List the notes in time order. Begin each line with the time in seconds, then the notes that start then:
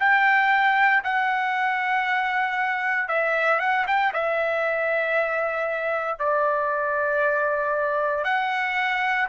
0.00 G5
1.04 F#5
3.08 E5
3.60 F#5
3.87 G5
4.14 E5
6.19 D5
8.24 F#5